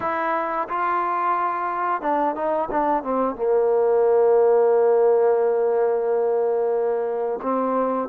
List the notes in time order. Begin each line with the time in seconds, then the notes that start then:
0.00 E4
0.68 F4
2.01 D4
2.35 D#4
2.70 D4
3.03 C4
3.35 A#3
7.42 C4